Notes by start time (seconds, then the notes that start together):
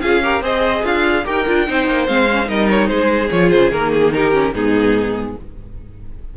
0.00 C#4 F4 G#4 F5
0.22 G4 A#4
0.41 C4 G#4 C5 D#5
0.83 D4 F4 F5
1.24 D#4 G4 A#4 G5
1.46 D4 F4
1.67 C4 D#4 C5
1.87 A#3
2.06 G#3 C4 F5
2.30 C#4
2.45 G3 D#4 A#4 D#5
2.69 C#5
2.87 G#3 G#4 C5
3.29 F3 F4 C#5
3.50 C#3 C5
3.71 D#3 A#3 A#4
3.92 G#4
4.12 D#4 G4 A#4
4.32 C#4
4.53 G#2 B3 D#4 G#4